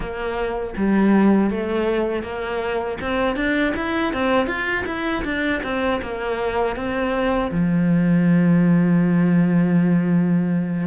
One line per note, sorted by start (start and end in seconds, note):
0.00 0.74 A#3
0.76 1.50 G3
1.50 2.23 A3
2.23 2.98 A#3
3.00 3.36 C4
3.36 3.73 D4
3.76 4.13 E4
4.13 4.47 C4
4.47 4.84 F4
4.86 5.23 E4
5.24 5.61 D4
5.63 6.00 C4
6.02 6.75 A#3
6.75 7.50 C4
7.51 10.87 F3